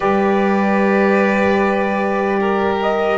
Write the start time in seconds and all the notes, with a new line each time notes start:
0.00 G3 G4 B4 D5
2.40 A#4
2.82 D#5